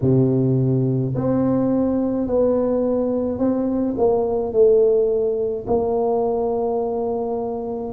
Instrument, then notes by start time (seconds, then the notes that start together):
tuba
0.01 C3
1.15 C4
2.27 B3
3.38 C4
3.97 A#3
4.52 A3
5.67 A#3